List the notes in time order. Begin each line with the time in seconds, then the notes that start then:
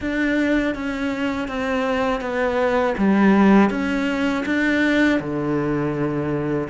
0.00 D4
0.74 C#4
1.47 C4
2.20 B3
2.97 G3
3.70 C#4
4.45 D4
5.20 D3